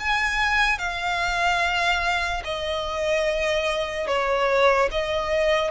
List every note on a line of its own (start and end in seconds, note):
0.00 0.79 G#5
0.79 2.43 F5
2.45 4.07 D#5
4.07 4.89 C#5
4.91 5.71 D#5